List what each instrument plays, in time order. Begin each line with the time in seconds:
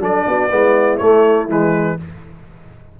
0.00 tuba F#3, trombone D4, horn A4, trumpet D5
0.26 tuba B3, horn F#4
0.50 tuba G#3, trombone B3, horn E4
0.97 tuba A3, trombone A3, trumpet C#5
1.48 tuba E3, trombone G#3, trumpet B4